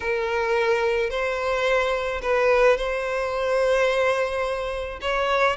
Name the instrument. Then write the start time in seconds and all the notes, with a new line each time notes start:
violin
0.00 A#4
1.10 C5
2.21 B4
2.77 C5
5.01 C#5